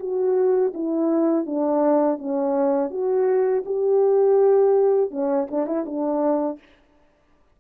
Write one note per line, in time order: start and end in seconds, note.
0.00 0.73 F#4
0.74 1.46 E4
1.46 2.19 D4
2.19 2.91 C#4
2.91 3.64 F#4
3.66 5.11 G4
5.11 5.48 C#4
5.51 5.67 D4
5.67 5.85 E4
5.86 6.59 D4